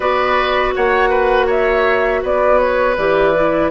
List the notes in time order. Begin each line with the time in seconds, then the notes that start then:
0.00 B3 F#4 B4 D5
0.74 A#3 C#5 F#5
1.09 B4
1.46 C#5 E5
2.23 B3 B4 D5
2.58 C#5
2.97 E3 G4 D5
3.35 E4